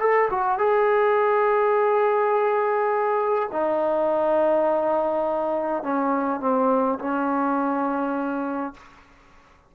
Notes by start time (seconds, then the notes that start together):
0.00 A4
0.30 F#4
0.59 G#4
3.52 D#4
5.83 C#4
6.41 C4
6.99 C#4